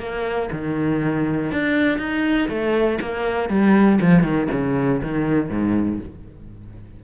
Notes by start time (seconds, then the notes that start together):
0.00 A#3
0.52 D#3
1.52 D4
1.99 D#4
2.49 A3
3.02 A#3
3.50 G3
4.01 F3
4.23 D#3
4.52 C#3
5.02 D#3
5.50 G#2